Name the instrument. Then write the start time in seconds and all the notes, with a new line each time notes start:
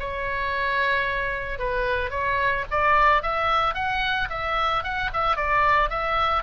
oboe
0.00 C#5
1.59 B4
2.11 C#5
2.71 D5
3.23 E5
3.75 F#5
4.30 E5
4.84 F#5
5.14 E5
5.37 D5
5.90 E5